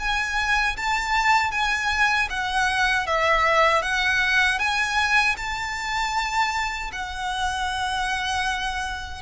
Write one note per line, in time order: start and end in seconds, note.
0.00 0.77 G#5
0.77 1.52 A5
1.52 2.29 G#5
2.30 3.07 F#5
3.07 3.83 E5
3.83 4.59 F#5
4.59 5.36 G#5
5.37 6.91 A5
6.93 9.22 F#5